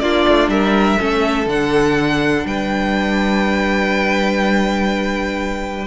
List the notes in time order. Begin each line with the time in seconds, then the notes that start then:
0.00 A#3 D4 F4 D5
0.28 A3
0.48 G3 A#4 E5
0.99 A3 C#4 A4
1.46 D3 D4 F#5
2.46 G3 B4 G5